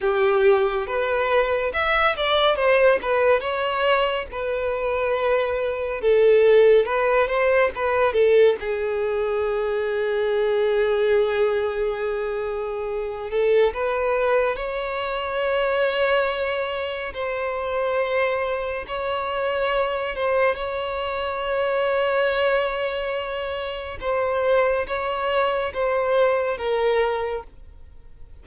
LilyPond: \new Staff \with { instrumentName = "violin" } { \time 4/4 \tempo 4 = 70 g'4 b'4 e''8 d''8 c''8 b'8 | cis''4 b'2 a'4 | b'8 c''8 b'8 a'8 gis'2~ | gis'2.~ gis'8 a'8 |
b'4 cis''2. | c''2 cis''4. c''8 | cis''1 | c''4 cis''4 c''4 ais'4 | }